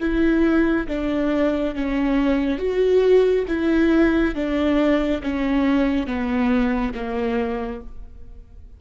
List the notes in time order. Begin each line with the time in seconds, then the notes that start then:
0.00 E4
0.88 D4
1.75 C#4
2.58 F#4
3.48 E4
4.35 D4
5.22 C#4
6.06 B3
6.94 A#3